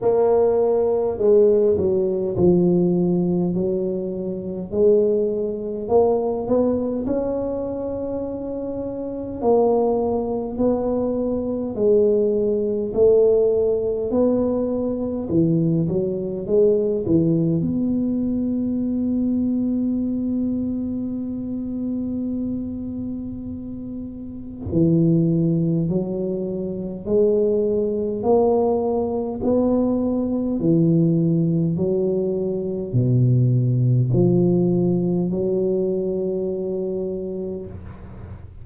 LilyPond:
\new Staff \with { instrumentName = "tuba" } { \time 4/4 \tempo 4 = 51 ais4 gis8 fis8 f4 fis4 | gis4 ais8 b8 cis'2 | ais4 b4 gis4 a4 | b4 e8 fis8 gis8 e8 b4~ |
b1~ | b4 e4 fis4 gis4 | ais4 b4 e4 fis4 | b,4 f4 fis2 | }